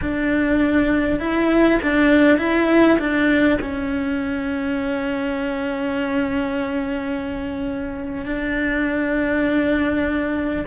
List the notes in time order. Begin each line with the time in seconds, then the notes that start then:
0.01 D4
1.19 E4
1.82 D4
2.38 E4
2.98 D4
3.61 C#4
8.25 D4